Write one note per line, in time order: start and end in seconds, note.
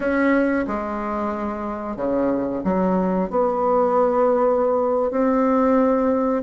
0.00 0.65 C#4
0.67 1.96 G#3
1.96 2.62 C#3
2.64 3.30 F#3
3.30 5.11 B3
5.11 6.43 C4